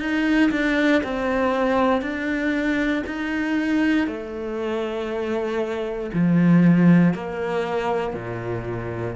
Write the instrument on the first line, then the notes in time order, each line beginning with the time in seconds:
cello
0.00 D#4
0.51 D4
1.04 C4
2.02 D4
3.06 D#4
4.08 A3
6.13 F3
7.14 A#3
8.14 A#2